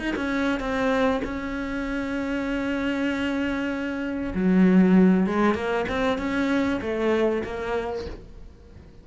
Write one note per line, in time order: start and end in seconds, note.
0.00 0.15 D#4
0.17 0.60 C#4
0.60 1.22 C4
1.25 4.34 C#4
4.35 5.27 F#3
5.27 5.55 G#3
5.55 5.86 A#3
5.89 6.19 C4
6.19 6.81 C#4
6.82 7.44 A3
7.45 8.06 A#3